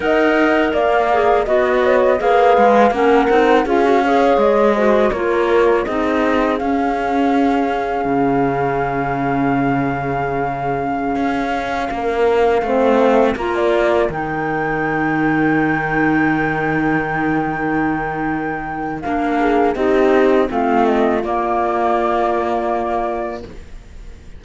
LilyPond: <<
  \new Staff \with { instrumentName = "flute" } { \time 4/4 \tempo 4 = 82 fis''4 f''4 dis''4 f''4 | fis''4 f''4 dis''4 cis''4 | dis''4 f''2.~ | f''1~ |
f''2~ f''16 ais''16 d''8. g''8.~ | g''1~ | g''2 f''4 dis''4 | f''8 dis''8 d''2. | }
  \new Staff \with { instrumentName = "horn" } { \time 4/4 dis''4 d''4 dis''8 cis''8 b'4 | ais'4 gis'8 cis''4 c''8 ais'4 | gis'1~ | gis'1~ |
gis'16 ais'4 c''4 ais'4.~ ais'16~ | ais'1~ | ais'2~ ais'8 gis'8 g'4 | f'1 | }
  \new Staff \with { instrumentName = "clarinet" } { \time 4/4 ais'4. gis'8 fis'4 gis'4 | cis'8 dis'8 f'16 fis'16 gis'4 fis'8 f'4 | dis'4 cis'2.~ | cis'1~ |
cis'4~ cis'16 c'4 f'4 dis'8.~ | dis'1~ | dis'2 d'4 dis'4 | c'4 ais2. | }
  \new Staff \with { instrumentName = "cello" } { \time 4/4 dis'4 ais4 b4 ais8 gis8 | ais8 c'8 cis'4 gis4 ais4 | c'4 cis'2 cis4~ | cis2.~ cis16 cis'8.~ |
cis'16 ais4 a4 ais4 dis8.~ | dis1~ | dis2 ais4 c'4 | a4 ais2. | }
>>